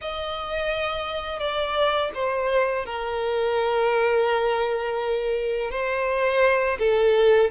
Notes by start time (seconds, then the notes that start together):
0.01 D#5
1.39 D5
2.14 C5
2.85 A#4
5.70 C5
6.79 A4